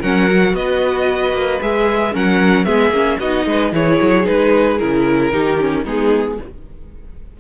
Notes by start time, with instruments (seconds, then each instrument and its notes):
0.00 cello F#3, viola C#4, violin A#4 F#5
0.28 viola F#4
0.53 cello B3, violin B4 D#5
1.33 cello A#3
1.61 cello G#3, viola G#4, violin E5
2.12 cello F#3, viola C#4, violin A#4 F#5
2.65 cello G#3, viola B3, violin G#4 E5
2.90 cello A#3, viola C#4
3.19 cello B3, viola D#4, violin F#4 D#5
3.46 cello G#3, violin B4
3.72 cello E3, viola E4, violin G#4 C#5
4.01 cello F#3
4.24 cello G#3, viola D#4, violin B4
4.79 cello C#3, viola E4, violin A#4
5.31 cello D#3, viola D#4, violin G4
5.59 viola C#4
5.84 cello G#3, viola B3, violin D#4 G#4